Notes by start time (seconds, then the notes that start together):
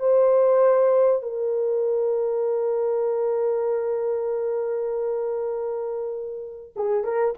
0.00 C5
1.23 A#4
6.76 G#4
7.04 A#4